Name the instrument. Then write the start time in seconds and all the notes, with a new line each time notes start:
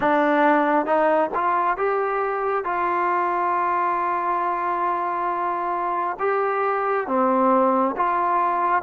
trombone
0.00 D4
0.86 D#4
1.34 F4
1.77 G4
2.64 F4
6.19 G4
7.07 C4
7.96 F4